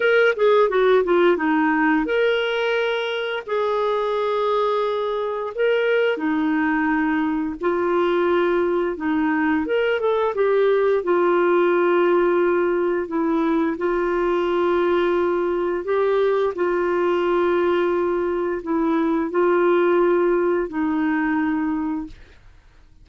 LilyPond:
\new Staff \with { instrumentName = "clarinet" } { \time 4/4 \tempo 4 = 87 ais'8 gis'8 fis'8 f'8 dis'4 ais'4~ | ais'4 gis'2. | ais'4 dis'2 f'4~ | f'4 dis'4 ais'8 a'8 g'4 |
f'2. e'4 | f'2. g'4 | f'2. e'4 | f'2 dis'2 | }